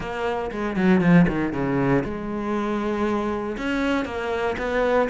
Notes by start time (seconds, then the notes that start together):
0.00 A#3
0.51 G#3
0.76 F#3
1.00 F3
1.28 D#3
1.53 C#3
2.04 G#3
3.57 C#4
4.05 A#3
4.58 B3